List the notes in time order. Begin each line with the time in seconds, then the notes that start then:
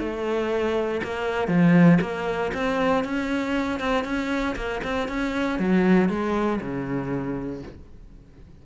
0.00 A3
1.04 A#3
1.48 F3
2.02 A#3
2.54 C4
3.05 C#4
3.80 C4
4.05 C#4
4.56 A#3
4.84 C4
5.09 C#4
5.59 F#3
6.09 G#3
6.61 C#3